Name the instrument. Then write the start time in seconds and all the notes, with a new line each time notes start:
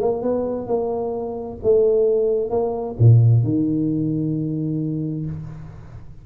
tuba
0.00 A#3
0.22 B3
0.67 A#3
1.63 A3
2.50 A#3
2.99 A#2
3.43 D#3